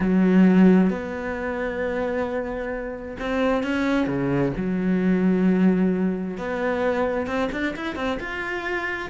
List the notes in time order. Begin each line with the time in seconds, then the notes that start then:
0.00 F#3
0.90 B3
3.19 C4
3.63 C#4
4.07 C#3
4.56 F#3
6.37 B3
7.26 C4
7.52 D4
7.76 E4
7.95 C4
8.20 F4